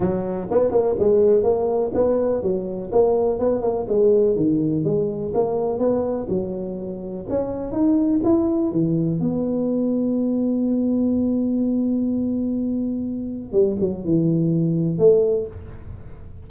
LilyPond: \new Staff \with { instrumentName = "tuba" } { \time 4/4 \tempo 4 = 124 fis4 b8 ais8 gis4 ais4 | b4 fis4 ais4 b8 ais8 | gis4 dis4 gis4 ais4 | b4 fis2 cis'4 |
dis'4 e'4 e4 b4~ | b1~ | b1 | g8 fis8 e2 a4 | }